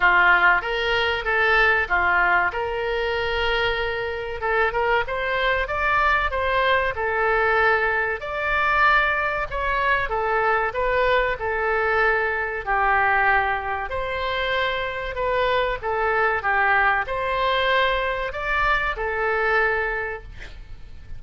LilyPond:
\new Staff \with { instrumentName = "oboe" } { \time 4/4 \tempo 4 = 95 f'4 ais'4 a'4 f'4 | ais'2. a'8 ais'8 | c''4 d''4 c''4 a'4~ | a'4 d''2 cis''4 |
a'4 b'4 a'2 | g'2 c''2 | b'4 a'4 g'4 c''4~ | c''4 d''4 a'2 | }